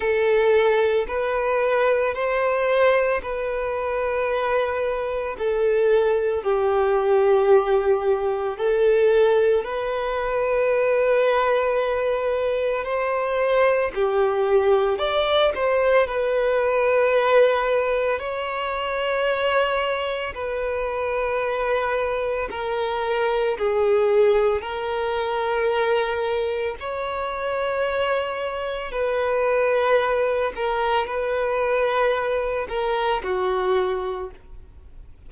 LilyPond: \new Staff \with { instrumentName = "violin" } { \time 4/4 \tempo 4 = 56 a'4 b'4 c''4 b'4~ | b'4 a'4 g'2 | a'4 b'2. | c''4 g'4 d''8 c''8 b'4~ |
b'4 cis''2 b'4~ | b'4 ais'4 gis'4 ais'4~ | ais'4 cis''2 b'4~ | b'8 ais'8 b'4. ais'8 fis'4 | }